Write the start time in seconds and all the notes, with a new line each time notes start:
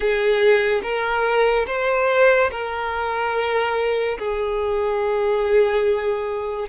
0.00 G#4
0.83 A#4
1.67 C5
2.51 A#4
4.19 G#4